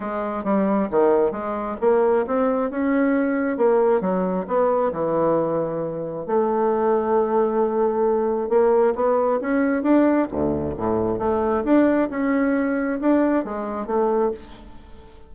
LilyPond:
\new Staff \with { instrumentName = "bassoon" } { \time 4/4 \tempo 4 = 134 gis4 g4 dis4 gis4 | ais4 c'4 cis'2 | ais4 fis4 b4 e4~ | e2 a2~ |
a2. ais4 | b4 cis'4 d'4 d,4 | a,4 a4 d'4 cis'4~ | cis'4 d'4 gis4 a4 | }